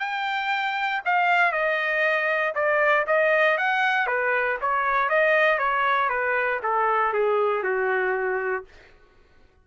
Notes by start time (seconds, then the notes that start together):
0.00 G5
1.05 F5
1.52 D#5
2.55 D5
3.07 D#5
3.58 F#5
4.07 B4
4.62 C#5
5.10 D#5
5.59 C#5
6.09 B4
6.63 A4
7.14 G#4
7.64 F#4